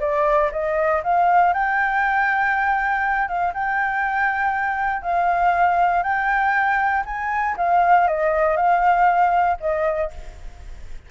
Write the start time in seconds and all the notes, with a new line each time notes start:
0.00 D5
0.52 D#5
1.03 F5
1.53 G5
3.28 F5
3.54 G5
5.02 F5
6.03 G5
7.05 G#5
7.57 F5
8.07 D#5
8.56 F5
9.60 D#5